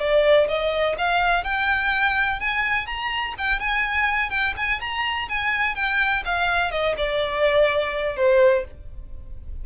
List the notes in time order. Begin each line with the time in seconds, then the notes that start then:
0.00 D5
0.49 D#5
0.98 F5
1.45 G5
2.40 G#5
2.87 A#5
3.38 G5
3.60 G#5
4.31 G5
4.57 G#5
4.81 A#5
5.29 G#5
5.76 G5
6.26 F5
6.72 D#5
6.98 D5
8.17 C5